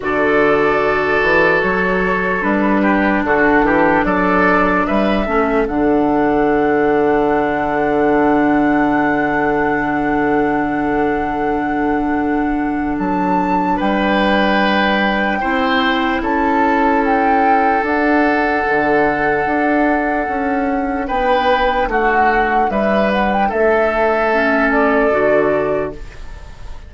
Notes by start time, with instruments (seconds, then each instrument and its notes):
0.00 bassoon D3, clarinet F#4, oboe A4, flute D5
1.22 bassoon E3
1.61 bassoon F#3, flute C#5
2.41 bassoon G3, clarinet D4, flute B4
2.81 oboe G4
3.23 bassoon D3, oboe F#4, flute A4
3.62 bassoon E3, oboe G4
4.04 bassoon F#3, oboe A4, flute D5
4.85 bassoon G3, oboe B4, flute E5
5.26 bassoon A3, clarinet C#4, oboe A4
5.67 bassoon D3, clarinet D4, flute F#5
12.97 bassoon F#3, flute A5
13.76 bassoon G3, oboe B4, flute G5
15.40 bassoon C4, clarinet E4, oboe C5
16.21 bassoon C#4, oboe A4, flute A5
17.04 flute G5
17.82 clarinet D4, bassoon D4, flute F#5
18.68 bassoon D3
19.46 bassoon D4
20.28 bassoon C#4
21.07 bassoon B3, oboe B4, flute G5
21.87 bassoon A3, oboe F#4, flute F#5
22.69 bassoon G3, oboe B4, flute E5
23.12 flute F#5
23.33 flute G5
23.48 bassoon A3, oboe A4, flute E5
24.33 clarinet C#4
24.71 flute D5
25.10 bassoon D3, clarinet F#4